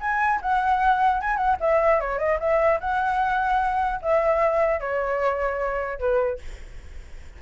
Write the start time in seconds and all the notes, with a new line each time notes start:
0.00 G#5
0.42 F#5
1.21 G#5
1.37 F#5
1.60 E5
2.00 C#5
2.19 D#5
2.40 E5
2.80 F#5
4.02 E5
4.80 C#5
5.99 B4